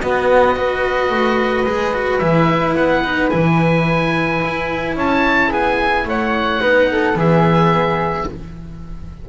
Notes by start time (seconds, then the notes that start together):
0.00 B3 F#4 D#5
0.56 F#4 B4
1.10 A3
1.66 G#3 G#4
1.94 F#4
2.19 E3 E4 E5
2.76 B3 F#5
3.04 D#4
3.30 E3 E4 G#5
4.45 E4
4.96 C#4 C#5 A5
5.48 B3 G#4 G#5
6.05 A3 C#5 F#5
6.61 B3 D#4 B4
6.92 A4
7.14 E3 B3 G#4 E5